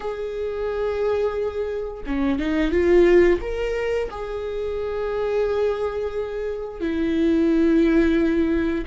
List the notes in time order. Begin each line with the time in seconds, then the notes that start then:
0.00 G#4
2.06 C#4
2.38 D#4
2.71 F4
3.41 A#4
4.10 G#4
6.80 E4